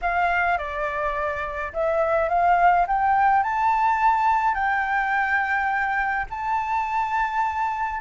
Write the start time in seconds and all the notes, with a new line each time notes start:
0.01 F5
0.58 D5
1.73 E5
2.28 F5
2.87 G5
3.43 A5
4.54 G5
6.30 A5